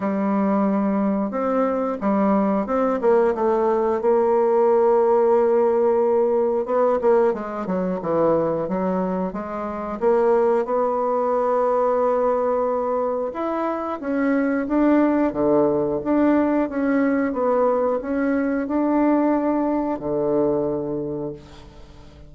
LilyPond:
\new Staff \with { instrumentName = "bassoon" } { \time 4/4 \tempo 4 = 90 g2 c'4 g4 | c'8 ais8 a4 ais2~ | ais2 b8 ais8 gis8 fis8 | e4 fis4 gis4 ais4 |
b1 | e'4 cis'4 d'4 d4 | d'4 cis'4 b4 cis'4 | d'2 d2 | }